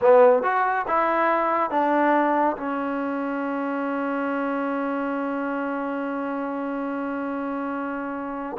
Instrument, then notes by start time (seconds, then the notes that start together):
trombone
0.01 B3
0.42 F#4
0.87 E4
1.70 D4
2.56 C#4